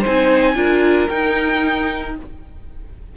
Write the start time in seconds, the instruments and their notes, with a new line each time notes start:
0.00 viola D#4, violin C5
0.06 cello C4, violin G#5
0.56 cello D4, viola F4, violin A#4
1.09 viola D#4, cello D#4, violin G5